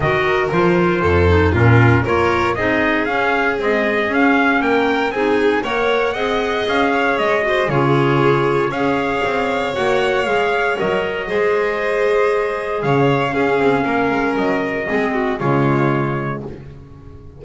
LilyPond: <<
  \new Staff \with { instrumentName = "trumpet" } { \time 4/4 \tempo 4 = 117 dis''4 c''2 ais'4 | cis''4 dis''4 f''4 dis''4 | f''4 g''4 gis''4 fis''4~ | fis''4 f''4 dis''4 cis''4~ |
cis''4 f''2 fis''4 | f''4 dis''2.~ | dis''4 f''2. | dis''2 cis''2 | }
  \new Staff \with { instrumentName = "violin" } { \time 4/4 ais'2 a'4 f'4 | ais'4 gis'2.~ | gis'4 ais'4 gis'4 cis''4 | dis''4. cis''4 c''8 gis'4~ |
gis'4 cis''2.~ | cis''2 c''2~ | c''4 cis''4 gis'4 ais'4~ | ais'4 gis'8 fis'8 f'2 | }
  \new Staff \with { instrumentName = "clarinet" } { \time 4/4 fis'4 f'4. dis'8 cis'4 | f'4 dis'4 cis'4 gis4 | cis'2 dis'4 ais'4 | gis'2~ gis'8 fis'8 f'4~ |
f'4 gis'2 fis'4 | gis'4 ais'4 gis'2~ | gis'2 cis'2~ | cis'4 c'4 gis2 | }
  \new Staff \with { instrumentName = "double bass" } { \time 4/4 dis4 f4 f,4 ais,4 | ais4 c'4 cis'4 c'4 | cis'4 ais4 c'4 ais4 | c'4 cis'4 gis4 cis4~ |
cis4 cis'4 c'4 ais4 | gis4 fis4 gis2~ | gis4 cis4 cis'8 c'8 ais8 gis8 | fis4 gis4 cis2 | }
>>